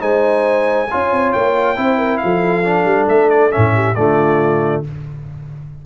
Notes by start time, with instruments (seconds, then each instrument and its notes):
0.00 tuba G#3, trombone D#4, horn C5, trumpet G#5
0.91 tuba C#4, trombone F4, horn C#5
1.12 tuba C4
1.33 tuba A#3, trumpet G5
1.77 tuba C4, trombone E4, horn C5
1.98 horn A#4
2.18 horn A4, trumpet F5
2.24 tuba F3
2.65 trombone D4
2.85 tuba G3
3.09 tuba A3, trumpet E5
3.30 trumpet D5
3.51 tuba A2, trombone C#4, trumpet E5
3.75 horn G4
3.95 tuba D3, trombone A3, horn F4, trumpet D5